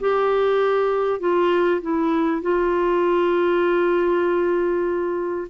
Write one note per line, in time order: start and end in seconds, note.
0.00 1.20 G4
1.20 1.81 F4
1.81 2.42 E4
2.42 5.48 F4